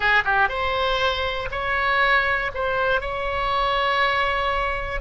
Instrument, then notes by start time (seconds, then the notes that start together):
oboe
0.00 G#4
0.24 G4
0.49 C5
1.51 C#5
2.54 C5
3.00 C#5